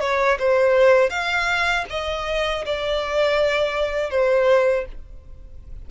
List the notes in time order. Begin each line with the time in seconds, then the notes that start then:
0.00 C#5
0.39 C5
1.10 F5
1.90 D#5
2.65 D5
4.10 C5